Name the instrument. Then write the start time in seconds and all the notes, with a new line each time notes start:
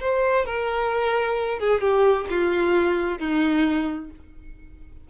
violin
0.00 C5
0.45 A#4
1.59 G#4
1.81 G4
2.30 F4
3.19 D#4